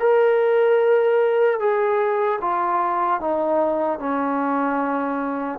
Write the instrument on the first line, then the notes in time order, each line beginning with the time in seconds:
trombone
0.00 A#4
1.60 G#4
2.41 F4
3.21 D#4
3.99 C#4